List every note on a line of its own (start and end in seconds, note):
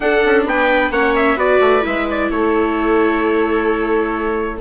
0.00 0.23 D4
0.00 0.92 D4
0.00 0.47 A4
0.00 0.44 F#5
0.25 0.45 C#4
0.45 0.90 B3
0.45 0.92 B4
0.45 0.91 G5
0.90 1.36 A#3
0.90 1.36 C#4
0.90 1.37 C#5
0.90 1.14 F#5
1.15 1.38 E5
1.36 1.59 B3
1.36 1.81 F#4
1.36 2.29 B4
1.36 1.85 D5
1.60 1.83 A3
1.81 2.30 G#3
1.81 4.58 E4
1.81 2.08 E5
2.10 2.30 D5
2.30 4.60 A3
2.30 4.60 A4
2.30 4.60 C#5